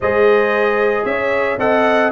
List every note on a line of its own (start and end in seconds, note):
0.00 1.04 G#3
0.00 1.59 G#4
0.00 1.06 C5
0.00 1.05 D#5
1.04 1.57 C#4
1.04 1.59 C#5
1.04 1.58 E5
1.58 2.11 C4
1.58 2.11 A4
1.58 2.11 D#5
1.58 2.11 F#5